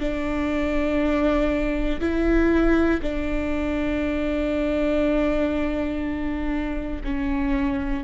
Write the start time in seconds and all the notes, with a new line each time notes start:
0.00 D4
2.00 E4
3.02 D4
7.04 C#4